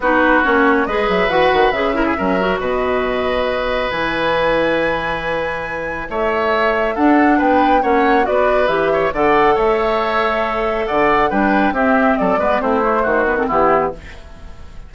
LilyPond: <<
  \new Staff \with { instrumentName = "flute" } { \time 4/4 \tempo 4 = 138 b'4 cis''4 dis''8 e''8 fis''4 | e''2 dis''2~ | dis''4 gis''2.~ | gis''2 e''2 |
fis''4 g''4 fis''4 d''4 | e''4 fis''4 e''2~ | e''4 fis''4 g''4 e''4 | d''4 c''4. b'16 a'16 g'4 | }
  \new Staff \with { instrumentName = "oboe" } { \time 4/4 fis'2 b'2~ | b'8 ais'16 gis'16 ais'4 b'2~ | b'1~ | b'2 cis''2 |
a'4 b'4 cis''4 b'4~ | b'8 cis''8 d''4 cis''2~ | cis''4 d''4 b'4 g'4 | a'8 b'8 e'4 fis'4 e'4 | }
  \new Staff \with { instrumentName = "clarinet" } { \time 4/4 dis'4 cis'4 gis'4 fis'4 | gis'8 e'8 cis'8 fis'2~ fis'8~ | fis'4 e'2.~ | e'1 |
d'2 cis'4 fis'4 | g'4 a'2.~ | a'2 d'4 c'4~ | c'8 b8 c'8 a4 b16 c'16 b4 | }
  \new Staff \with { instrumentName = "bassoon" } { \time 4/4 b4 ais4 gis8 fis8 e8 dis8 | cis4 fis4 b,2~ | b,4 e2.~ | e2 a2 |
d'4 b4 ais4 b4 | e4 d4 a2~ | a4 d4 g4 c'4 | fis8 gis8 a4 dis4 e4 | }
>>